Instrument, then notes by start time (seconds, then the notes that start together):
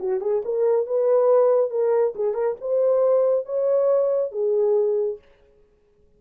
horn
0.00 F#4
0.21 G#4
0.45 A#4
0.87 B4
1.71 A#4
2.16 G#4
2.35 A#4
2.61 C5
3.46 C#5
4.32 G#4